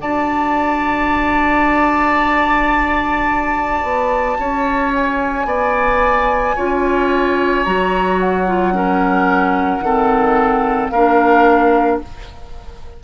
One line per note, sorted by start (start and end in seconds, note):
0.00 3.83 D4
0.00 6.55 F#4
0.00 4.37 D5
0.00 4.92 A5
3.83 4.37 B3
4.39 5.45 C#4
4.39 5.47 C#5
4.94 7.65 G#5
5.45 6.54 B3
5.45 6.56 D5
6.56 7.66 C#4
6.56 7.65 F4
6.56 8.74 C#5
7.65 9.80 F#3
7.65 8.47 F#4
7.65 8.19 A#5
8.20 10.89 F#5
8.47 8.73 F4
8.73 9.82 C#4
8.73 9.85 A#4
9.80 10.89 D#3
9.80 10.94 C4
9.80 10.92 A4
10.89 12.00 A#3
10.89 12.04 D4
10.89 12.01 A#4
10.89 11.98 F5